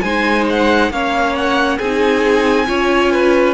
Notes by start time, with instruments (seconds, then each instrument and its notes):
0.00 cello G#3, viola D#4, violin C5 G#5
0.49 violin F#5
0.90 cello A#3, viola C#4, violin C#5 F5
1.35 violin F#5
1.78 cello C4, viola D#4, violin G#4 G#5
2.66 cello C#4, viola F4, violin C#5
3.11 violin B4